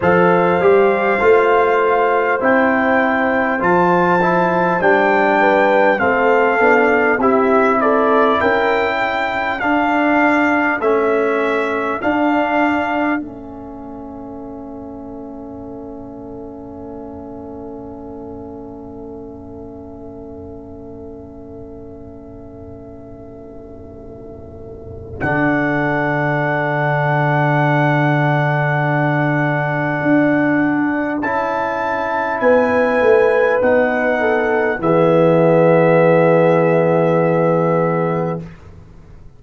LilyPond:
<<
  \new Staff \with { instrumentName = "trumpet" } { \time 4/4 \tempo 4 = 50 f''2 g''4 a''4 | g''4 f''4 e''8 d''8 g''4 | f''4 e''4 f''4 e''4~ | e''1~ |
e''1~ | e''4 fis''2.~ | fis''2 a''4 gis''4 | fis''4 e''2. | }
  \new Staff \with { instrumentName = "horn" } { \time 4/4 c''1~ | c''8 b'8 a'4 g'8 a'8 ais'8 a'8~ | a'1~ | a'1~ |
a'1~ | a'1~ | a'2. b'4~ | b'8 a'8 gis'2. | }
  \new Staff \with { instrumentName = "trombone" } { \time 4/4 a'8 g'8 f'4 e'4 f'8 e'8 | d'4 c'8 d'8 e'2 | d'4 cis'4 d'4 cis'4~ | cis'1~ |
cis'1~ | cis'4 d'2.~ | d'2 e'2 | dis'4 b2. | }
  \new Staff \with { instrumentName = "tuba" } { \time 4/4 f8 g8 a4 c'4 f4 | g4 a8 b8 c'4 cis'4 | d'4 a4 d'4 a4~ | a1~ |
a1~ | a4 d2.~ | d4 d'4 cis'4 b8 a8 | b4 e2. | }
>>